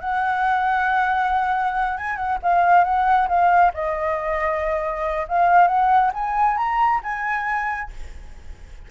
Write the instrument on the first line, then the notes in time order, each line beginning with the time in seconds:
flute
0.00 F#5
1.97 G#5
2.16 F#5
2.42 F5
2.84 F#5
3.28 F5
3.73 D#5
5.28 F5
5.67 F#5
6.13 G#5
6.57 A#5
7.03 G#5